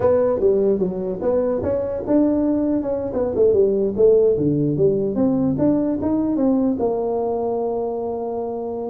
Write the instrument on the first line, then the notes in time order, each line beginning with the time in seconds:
tuba
0.00 B3
0.39 G3
0.79 F#3
1.21 B3
1.62 C#4
2.06 D4
2.82 C#4
3.13 B3
3.35 A3
3.53 G3
3.96 A3
4.37 D3
4.76 G3
5.15 C4
5.58 D4
6.01 D#4
6.36 C4
6.79 A#3